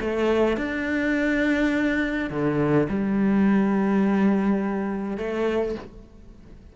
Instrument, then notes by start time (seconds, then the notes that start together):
cello
0.00 A3
0.57 D4
2.30 D3
2.89 G3
5.17 A3